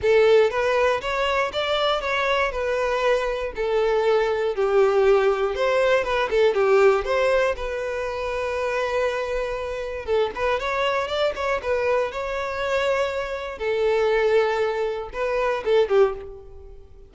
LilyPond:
\new Staff \with { instrumentName = "violin" } { \time 4/4 \tempo 4 = 119 a'4 b'4 cis''4 d''4 | cis''4 b'2 a'4~ | a'4 g'2 c''4 | b'8 a'8 g'4 c''4 b'4~ |
b'1 | a'8 b'8 cis''4 d''8 cis''8 b'4 | cis''2. a'4~ | a'2 b'4 a'8 g'8 | }